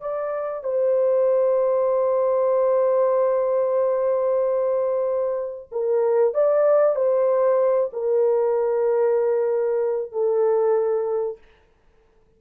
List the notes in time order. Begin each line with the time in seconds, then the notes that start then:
0.00 D5
0.63 C5
5.71 A#4
6.34 D5
6.95 C5
7.92 A#4
10.11 A4